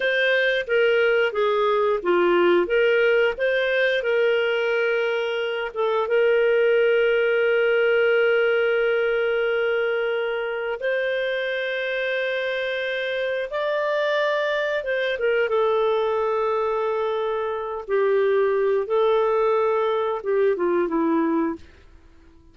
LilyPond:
\new Staff \with { instrumentName = "clarinet" } { \time 4/4 \tempo 4 = 89 c''4 ais'4 gis'4 f'4 | ais'4 c''4 ais'2~ | ais'8 a'8 ais'2.~ | ais'1 |
c''1 | d''2 c''8 ais'8 a'4~ | a'2~ a'8 g'4. | a'2 g'8 f'8 e'4 | }